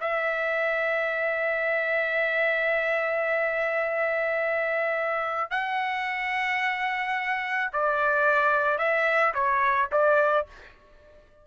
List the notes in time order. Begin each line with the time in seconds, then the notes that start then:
0.00 E5
5.50 F#5
7.73 D5
8.78 E5
9.34 C#5
9.92 D5